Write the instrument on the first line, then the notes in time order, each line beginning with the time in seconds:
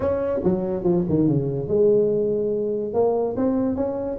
tuba
0.00 C#4
0.44 F#3
0.83 F3
1.09 D#3
1.27 C#3
1.68 G#3
2.93 A#3
3.36 C4
3.75 C#4